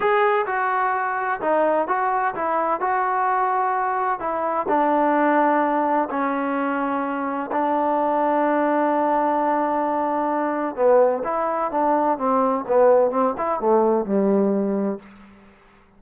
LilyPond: \new Staff \with { instrumentName = "trombone" } { \time 4/4 \tempo 4 = 128 gis'4 fis'2 dis'4 | fis'4 e'4 fis'2~ | fis'4 e'4 d'2~ | d'4 cis'2. |
d'1~ | d'2. b4 | e'4 d'4 c'4 b4 | c'8 e'8 a4 g2 | }